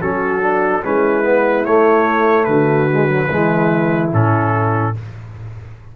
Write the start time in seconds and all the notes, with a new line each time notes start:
0.00 F#3 C#4 F#4 A4
0.41 D4
0.83 G#3 C#4 E4 B4
1.23 B3
1.65 A3 C#5
2.44 D3 F#4 B4
2.91 G#3
3.08 F#3
3.29 E3 G#3 E4
4.12 A2 C#4 A4